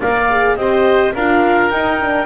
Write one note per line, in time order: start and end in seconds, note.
0.00 0.56 A#3
0.00 0.29 A#4
0.00 0.57 D5
0.00 0.57 F5
0.30 0.58 G#4
0.56 1.13 C4
0.56 1.14 G4
0.56 1.15 C5
0.56 1.13 D#5
1.15 1.72 D4
1.15 1.72 F4
1.15 2.26 A#4
1.15 1.70 F5
1.70 2.26 D#4
1.70 2.01 D#4
1.70 2.26 G5
2.01 2.26 D4